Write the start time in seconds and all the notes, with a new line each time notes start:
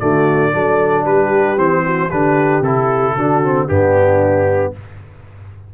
0.00 D3 A3 F#4 D5
0.53 F#3 D4 A4
1.05 G3 G4 B4
1.57 E3 C4 C5
1.86 F#4
2.10 D3 D4 G4 B4
2.61 C3 E4 A4
3.16 D3 D4 F#4
3.44 C4
3.68 G2 B3 D4 G4